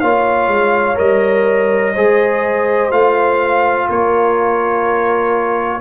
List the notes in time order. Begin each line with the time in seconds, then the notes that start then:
0.00 A#3 F4 C#5 F5
0.48 G#3
0.95 G3 A#4 D#5
1.95 G#3 G#4 C5
2.91 A3 F4 F5
3.89 A#3 A#4 C#5